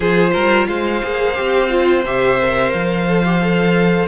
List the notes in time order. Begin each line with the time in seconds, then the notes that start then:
0.00 F3 F4 G#4 C5
0.33 G3 A#4
0.67 G#3 C5 F5
1.02 A#3 G#4
1.35 C4 G4
1.69 F4
2.04 C3 G4 E5
2.41 A#4
2.71 F3 F5
3.07 A4
3.25 G4
3.41 A4